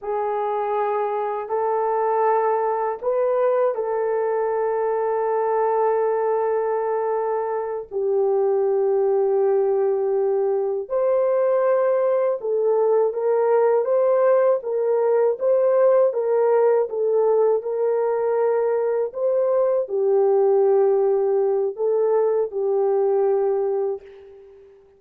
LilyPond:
\new Staff \with { instrumentName = "horn" } { \time 4/4 \tempo 4 = 80 gis'2 a'2 | b'4 a'2.~ | a'2~ a'8 g'4.~ | g'2~ g'8 c''4.~ |
c''8 a'4 ais'4 c''4 ais'8~ | ais'8 c''4 ais'4 a'4 ais'8~ | ais'4. c''4 g'4.~ | g'4 a'4 g'2 | }